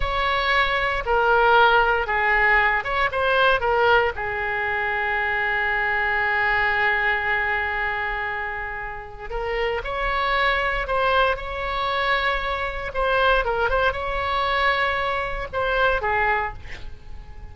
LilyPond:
\new Staff \with { instrumentName = "oboe" } { \time 4/4 \tempo 4 = 116 cis''2 ais'2 | gis'4. cis''8 c''4 ais'4 | gis'1~ | gis'1~ |
gis'2 ais'4 cis''4~ | cis''4 c''4 cis''2~ | cis''4 c''4 ais'8 c''8 cis''4~ | cis''2 c''4 gis'4 | }